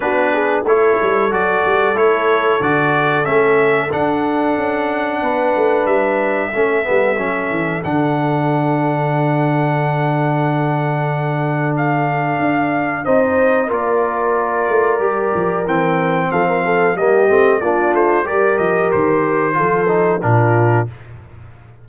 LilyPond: <<
  \new Staff \with { instrumentName = "trumpet" } { \time 4/4 \tempo 4 = 92 b'4 cis''4 d''4 cis''4 | d''4 e''4 fis''2~ | fis''4 e''2. | fis''1~ |
fis''2 f''2 | dis''4 d''2. | g''4 f''4 dis''4 d''8 c''8 | d''8 dis''8 c''2 ais'4 | }
  \new Staff \with { instrumentName = "horn" } { \time 4/4 fis'8 gis'8 a'2.~ | a'1 | b'2 a'2~ | a'1~ |
a'1 | c''4 ais'2.~ | ais'4 a'16 ais'16 a'8 g'4 f'4 | ais'2 a'4 f'4 | }
  \new Staff \with { instrumentName = "trombone" } { \time 4/4 d'4 e'4 fis'4 e'4 | fis'4 cis'4 d'2~ | d'2 cis'8 b8 cis'4 | d'1~ |
d'1 | dis'4 f'2 g'4 | c'2 ais8 c'8 d'4 | g'2 f'8 dis'8 d'4 | }
  \new Staff \with { instrumentName = "tuba" } { \time 4/4 b4 a8 g8 fis8 g8 a4 | d4 a4 d'4 cis'4 | b8 a8 g4 a8 g8 fis8 e8 | d1~ |
d2. d'4 | c'4 ais4. a8 g8 f8 | e4 f4 g8 a8 ais8 a8 | g8 f8 dis4 f4 ais,4 | }
>>